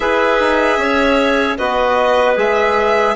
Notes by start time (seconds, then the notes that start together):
0.00 E4 G#4 B4 E5
0.39 D#4
0.77 C#4 C#5
1.57 B3 F#4 B4 D#5
2.36 G#3 G#4 E5